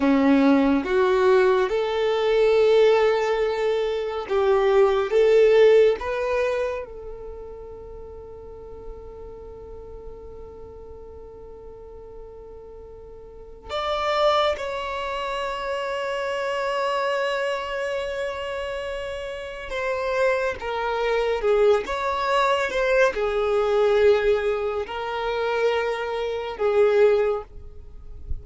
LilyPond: \new Staff \with { instrumentName = "violin" } { \time 4/4 \tempo 4 = 70 cis'4 fis'4 a'2~ | a'4 g'4 a'4 b'4 | a'1~ | a'1 |
d''4 cis''2.~ | cis''2. c''4 | ais'4 gis'8 cis''4 c''8 gis'4~ | gis'4 ais'2 gis'4 | }